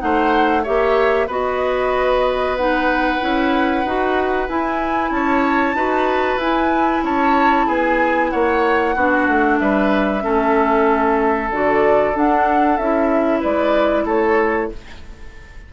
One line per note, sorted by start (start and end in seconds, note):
0.00 0.67 A3
0.00 0.64 D#4
0.00 0.64 C5
0.00 0.65 F#5
0.64 1.28 A#3
0.64 1.29 G4
0.64 1.28 C#5
0.64 1.29 E5
1.28 3.20 B3
1.28 2.58 F#4
1.28 5.11 B4
1.28 2.57 D#5
2.57 3.21 D#4
2.57 4.49 F#5
3.21 3.85 C#4
3.21 3.85 E4
3.85 4.49 D#4
3.85 4.49 F#4
4.49 5.76 E4
4.49 5.11 E4
4.49 5.12 G#5
5.11 5.74 C#4
5.11 5.77 C#5
5.11 6.40 A5
5.74 6.37 D#4
5.74 6.40 F#4
5.74 7.04 B4
6.37 7.01 E4
6.37 8.97 E4
6.37 7.04 G#5
7.03 7.67 C#4
7.03 7.67 C#5
7.03 7.68 A5
7.67 8.32 B3
7.67 8.31 G#4
7.67 8.31 G#5
8.31 8.96 A#3
8.31 8.96 C#5
8.31 9.58 F#5
8.96 9.28 B3
8.96 10.22 D4
8.96 9.60 F#4
9.28 9.60 A3
9.59 10.25 G3
9.59 10.24 B4
9.59 11.50 E5
10.22 11.52 A3
10.22 11.49 C#4
10.22 13.41 A4
11.52 12.16 D3
11.52 12.14 F#4
11.52 12.16 D5
12.14 12.78 D4
12.14 12.79 D4
12.14 12.78 F#5
12.78 13.43 C#4
12.78 14.74 E4
12.78 13.41 E5
13.41 14.05 G#3
13.41 14.04 B4
13.41 14.07 D5
14.05 14.69 A3
14.05 14.70 A4
14.05 14.72 C#5